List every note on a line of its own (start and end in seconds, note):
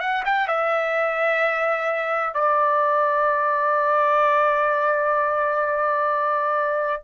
0.00 0.23 F#5
0.25 0.48 G5
0.48 2.34 E5
2.34 7.03 D5